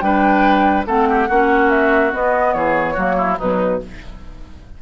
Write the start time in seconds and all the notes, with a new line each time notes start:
0.00 G3 D4 B4 G5
0.87 A3 C4 A4 F#5
1.10 G4
1.28 A#3 C#4 F#4
1.70 E5
2.12 B3 D#5
2.53 E3 G#4 C#5
2.94 F#3 A#3 F#4
3.17 E4
3.38 B2 F#3 D#4 B4